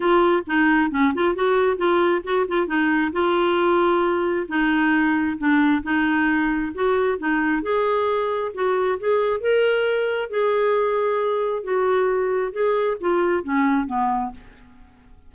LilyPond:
\new Staff \with { instrumentName = "clarinet" } { \time 4/4 \tempo 4 = 134 f'4 dis'4 cis'8 f'8 fis'4 | f'4 fis'8 f'8 dis'4 f'4~ | f'2 dis'2 | d'4 dis'2 fis'4 |
dis'4 gis'2 fis'4 | gis'4 ais'2 gis'4~ | gis'2 fis'2 | gis'4 f'4 cis'4 b4 | }